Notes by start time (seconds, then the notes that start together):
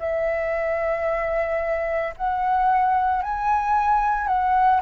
0.00 E5
2.17 F#5
3.23 G#5
4.28 F#5